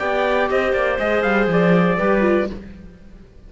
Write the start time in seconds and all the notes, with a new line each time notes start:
0.00 B3 G4 D5 G5
0.51 C4 C5 D#5
0.73 A#3 D5
1.00 G#3 G#4 D#5
1.23 G3 F5
1.47 F3 D5
1.98 G3 G4 B4
2.22 F4